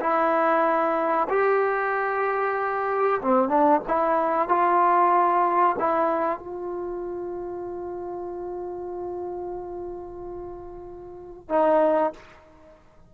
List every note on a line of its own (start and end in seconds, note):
0.00 1.28 E4
1.29 3.21 G4
3.21 3.48 C4
3.48 3.80 D4
3.87 4.48 E4
4.48 5.76 F4
5.79 6.39 E4
6.39 11.49 F4
11.49 12.13 D#4